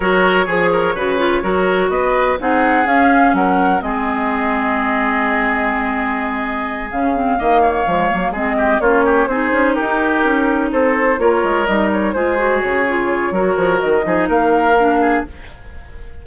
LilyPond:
<<
  \new Staff \with { instrumentName = "flute" } { \time 4/4 \tempo 4 = 126 cis''1 | dis''4 fis''4 f''4 fis''4 | dis''1~ | dis''2~ dis''8 f''4.~ |
f''4. dis''4 cis''4 c''8~ | c''8 ais'2 c''4 cis''8~ | cis''8 dis''8 cis''8 c''4 cis''4.~ | cis''4 dis''4 f''2 | }
  \new Staff \with { instrumentName = "oboe" } { \time 4/4 ais'4 gis'8 ais'8 b'4 ais'4 | b'4 gis'2 ais'4 | gis'1~ | gis'2.~ gis'8 dis''8 |
cis''4. gis'8 g'8 f'8 g'8 gis'8~ | gis'8 g'2 a'4 ais'8~ | ais'4. gis'2~ gis'8 | ais'4. gis'8 ais'4. gis'8 | }
  \new Staff \with { instrumentName = "clarinet" } { \time 4/4 fis'4 gis'4 fis'8 f'8 fis'4~ | fis'4 dis'4 cis'2 | c'1~ | c'2~ c'8 cis'8 c'8 ais8~ |
ais8 gis8 ais8 c'4 cis'4 dis'8~ | dis'2.~ dis'8 f'8~ | f'8 dis'4 f'8 fis'4 f'4 | fis'4. dis'4. d'4 | }
  \new Staff \with { instrumentName = "bassoon" } { \time 4/4 fis4 f4 cis4 fis4 | b4 c'4 cis'4 fis4 | gis1~ | gis2~ gis8 cis4 dis8~ |
dis8 f8 fis8 gis4 ais4 c'8 | cis'8 dis'4 cis'4 c'4 ais8 | gis8 g4 gis4 cis4. | fis8 f8 dis8 f8 ais2 | }
>>